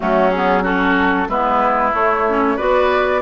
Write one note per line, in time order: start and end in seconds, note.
0.00 1.28 F#3
0.00 0.31 A3
0.00 0.63 C#4
0.00 0.31 F#4
0.31 0.62 B3
0.31 0.63 G#4
0.62 1.27 C#4
0.62 1.27 F#4
0.62 1.28 A4
1.28 1.92 G#3
1.28 1.92 B3
1.28 2.56 E4
1.28 1.93 B4
1.92 2.24 A3
1.92 2.58 A3
1.92 2.58 C#5
2.28 2.58 C#4
2.56 3.22 B3
2.56 3.22 F#4
2.56 3.20 B4
2.56 3.22 D5